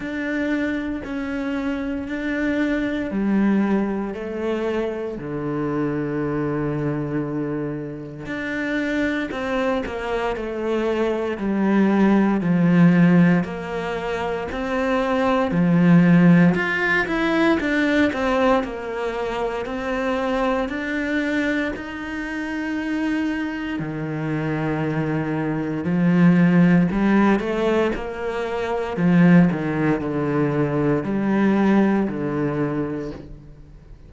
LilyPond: \new Staff \with { instrumentName = "cello" } { \time 4/4 \tempo 4 = 58 d'4 cis'4 d'4 g4 | a4 d2. | d'4 c'8 ais8 a4 g4 | f4 ais4 c'4 f4 |
f'8 e'8 d'8 c'8 ais4 c'4 | d'4 dis'2 dis4~ | dis4 f4 g8 a8 ais4 | f8 dis8 d4 g4 d4 | }